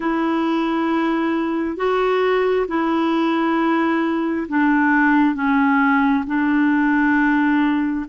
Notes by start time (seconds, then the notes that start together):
0.00 E4
1.77 F#4
2.68 E4
4.48 D4
5.34 C#4
6.26 D4